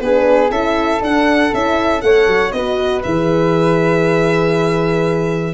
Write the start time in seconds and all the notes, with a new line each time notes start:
0.00 B3 D4 G#4 B4
0.50 C#4 E4 A4 E5
1.01 D4 F#5
1.52 C#4 E4 E5
2.01 A3 A4 C#5 F#5
2.27 F#3
2.52 B3 F#4 B4 D#5
3.03 E3 G#4 E5